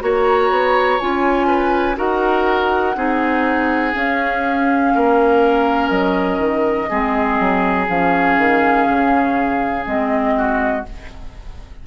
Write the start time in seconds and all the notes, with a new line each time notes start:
0.00 A#3 F#4 C#5 A#5
0.50 B3
0.99 C#4 F4 G#5
1.47 B4
1.95 D#4 F#4 A#4 F#5
2.95 C4 D#4 G#4
3.93 C#4 F5
4.94 A#3 A#4
5.89 F#3 D#5
6.38 D#3
6.89 G#3 C4 G#4
7.39 F#3
7.88 F3 C#4 F5
8.37 D#3
8.89 C#3
9.85 G#3 C4 D#5
10.37 F#4